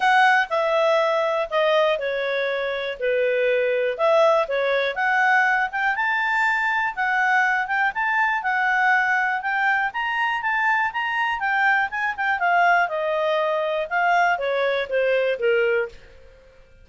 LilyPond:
\new Staff \with { instrumentName = "clarinet" } { \time 4/4 \tempo 4 = 121 fis''4 e''2 dis''4 | cis''2 b'2 | e''4 cis''4 fis''4. g''8 | a''2 fis''4. g''8 |
a''4 fis''2 g''4 | ais''4 a''4 ais''4 g''4 | gis''8 g''8 f''4 dis''2 | f''4 cis''4 c''4 ais'4 | }